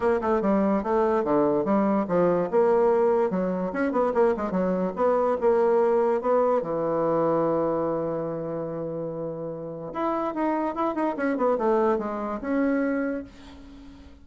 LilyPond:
\new Staff \with { instrumentName = "bassoon" } { \time 4/4 \tempo 4 = 145 ais8 a8 g4 a4 d4 | g4 f4 ais2 | fis4 cis'8 b8 ais8 gis8 fis4 | b4 ais2 b4 |
e1~ | e1 | e'4 dis'4 e'8 dis'8 cis'8 b8 | a4 gis4 cis'2 | }